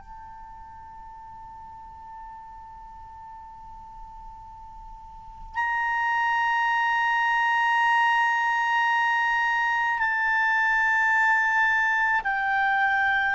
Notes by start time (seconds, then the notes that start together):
0.00 A5
5.55 A#5
9.99 A5
12.24 G5